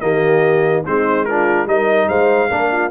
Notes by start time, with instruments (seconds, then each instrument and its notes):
0.00 tuba D#3, trombone A#3, horn G4, trumpet D#5
0.86 tuba G#3, trombone C4, horn D#4, trumpet C5
1.25 trombone D4, horn F4, trumpet A#4
1.66 tuba G3, trombone D#4, horn A#4, trumpet D#5
2.07 tuba G#3, horn C5, trumpet F5
2.48 tuba A#3, trombone D4, horn A#4
2.72 horn F4